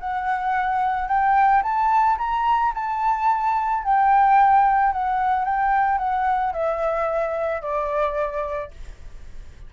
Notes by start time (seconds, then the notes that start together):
0.00 F#5
1.08 G5
1.63 A5
2.18 A#5
2.74 A5
3.84 G5
4.92 F#5
5.45 G5
5.98 F#5
6.53 E5
7.62 D5